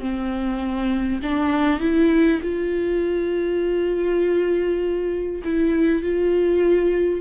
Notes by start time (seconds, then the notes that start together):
0.00 C4
1.23 D4
1.81 E4
2.42 F4
5.44 E4
6.03 F4